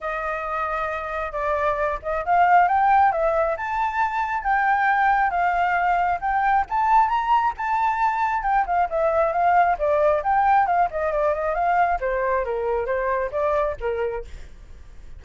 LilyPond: \new Staff \with { instrumentName = "flute" } { \time 4/4 \tempo 4 = 135 dis''2. d''4~ | d''8 dis''8 f''4 g''4 e''4 | a''2 g''2 | f''2 g''4 a''4 |
ais''4 a''2 g''8 f''8 | e''4 f''4 d''4 g''4 | f''8 dis''8 d''8 dis''8 f''4 c''4 | ais'4 c''4 d''4 ais'4 | }